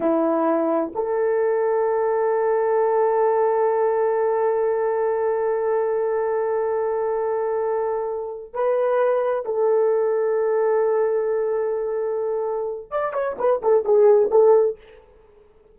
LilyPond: \new Staff \with { instrumentName = "horn" } { \time 4/4 \tempo 4 = 130 e'2 a'2~ | a'1~ | a'1~ | a'1~ |
a'2~ a'8 b'4.~ | b'8 a'2.~ a'8~ | a'1 | d''8 cis''8 b'8 a'8 gis'4 a'4 | }